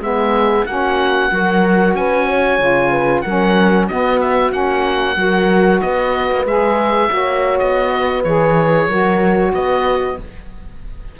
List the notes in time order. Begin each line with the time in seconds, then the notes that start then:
0.00 G#3 B3 G#4 E5
0.66 A#3 C#4 F#4 F#5
1.30 F#3 F#4 A#4
1.94 C#4 B4 G#5
2.26 C#5
2.59 C#3 F4
2.91 B4
3.21 F#3 C#4 A#4 F#5
3.87 B3 F#4 D#5
4.21 E5
4.50 A#3 C#4 F#5
5.16 F#3 F#4 A#4
5.81 B3 B4 D#5
6.32 A#3
6.44 G#3 G#4 E5
7.10 A#3 F#4 C#5
7.58 B3 D#5
7.92 B4
8.24 E3 G#4 C#5
8.87 F#3 F#4 A#4
9.53 B3 B4 D#5